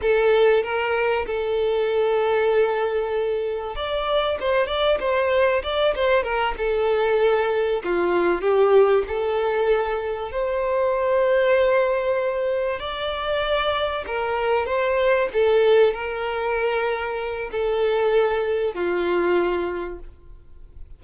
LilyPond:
\new Staff \with { instrumentName = "violin" } { \time 4/4 \tempo 4 = 96 a'4 ais'4 a'2~ | a'2 d''4 c''8 d''8 | c''4 d''8 c''8 ais'8 a'4.~ | a'8 f'4 g'4 a'4.~ |
a'8 c''2.~ c''8~ | c''8 d''2 ais'4 c''8~ | c''8 a'4 ais'2~ ais'8 | a'2 f'2 | }